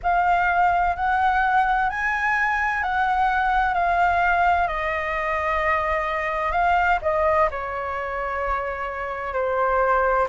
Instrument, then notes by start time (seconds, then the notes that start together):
flute
0.03 F5
0.96 F#5
1.89 G#5
2.82 F#5
3.74 F5
4.67 D#5
6.52 F5
7.02 D#5
7.50 C#5
9.33 C5